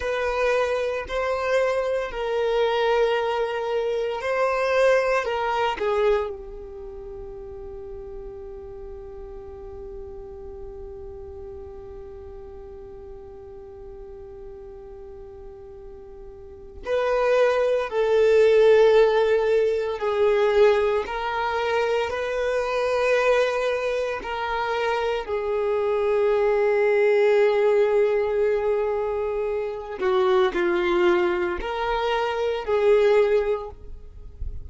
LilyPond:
\new Staff \with { instrumentName = "violin" } { \time 4/4 \tempo 4 = 57 b'4 c''4 ais'2 | c''4 ais'8 gis'8 g'2~ | g'1~ | g'1 |
b'4 a'2 gis'4 | ais'4 b'2 ais'4 | gis'1~ | gis'8 fis'8 f'4 ais'4 gis'4 | }